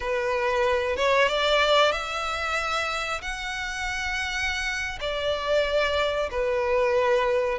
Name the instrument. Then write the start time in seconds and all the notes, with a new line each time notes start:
violin
0.00 B4
0.96 C#5
1.28 D5
1.92 E5
3.21 F#5
5.00 D5
6.30 B4